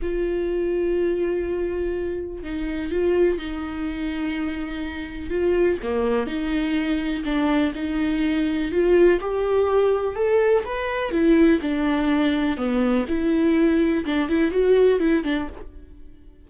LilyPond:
\new Staff \with { instrumentName = "viola" } { \time 4/4 \tempo 4 = 124 f'1~ | f'4 dis'4 f'4 dis'4~ | dis'2. f'4 | ais4 dis'2 d'4 |
dis'2 f'4 g'4~ | g'4 a'4 b'4 e'4 | d'2 b4 e'4~ | e'4 d'8 e'8 fis'4 e'8 d'8 | }